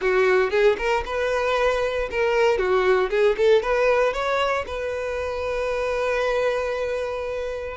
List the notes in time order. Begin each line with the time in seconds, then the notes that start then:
0.01 F#4
0.50 G#4
0.78 A#4
1.05 B4
2.11 A#4
2.58 F#4
3.10 G#4
3.37 A4
3.62 B4
4.13 C#5
4.67 B4